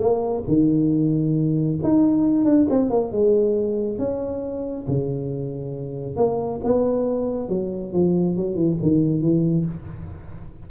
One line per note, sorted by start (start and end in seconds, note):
0.00 0.44 A#3
0.48 1.79 D#3
1.84 2.45 D#4
2.45 2.67 D4
2.70 2.90 C4
2.90 3.12 A#3
3.12 3.99 G#3
3.99 4.86 C#4
4.88 6.17 C#3
6.17 6.61 A#3
6.64 7.49 B3
7.49 7.93 F#3
7.93 8.37 F3
8.37 8.55 F#3
8.55 8.77 E3
8.82 9.22 D#3
9.22 9.65 E3